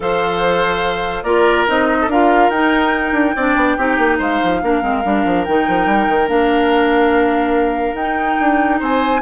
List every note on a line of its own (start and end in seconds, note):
0.00 1.23 F3
0.00 1.25 A4
0.00 1.23 C5
0.00 1.23 F5
1.23 1.65 A#3
1.23 1.67 F4
1.23 1.97 A#4
1.23 1.65 D5
1.67 2.07 C4
1.67 2.09 D#4
1.67 2.10 D#5
2.01 2.49 D4
2.01 2.10 A4
2.10 2.53 F4
2.10 3.35 A#4
2.10 2.50 F5
2.49 3.12 D#4
2.49 3.37 D#4
2.49 4.17 G5
3.12 3.33 D4
3.36 3.55 C4
3.36 3.78 D4
3.36 3.76 D5
3.55 3.76 B3
3.76 3.98 C4
3.76 4.62 D#4
3.76 4.18 G4
3.98 4.19 A#3
4.18 4.40 G#3
4.18 4.60 C5
4.18 5.44 F5
4.43 4.62 F3
4.62 4.82 A#3
4.62 4.81 D4
4.62 8.79 A#4
4.81 5.03 G#3
4.81 5.02 C4
5.04 5.25 G3
5.04 5.46 D4
5.25 5.46 F3
5.44 5.67 D#3
5.44 6.27 D#4
5.44 6.28 G5
5.67 5.85 F3
5.85 6.06 G3
6.07 6.28 D#3
6.27 7.93 A#3
6.27 7.95 D4
6.27 7.95 F5
7.93 8.35 D#4
7.93 8.79 G5
8.00 9.21 D#4
8.39 8.80 D4
8.79 9.21 C4
8.79 9.21 C5
8.79 9.21 G#5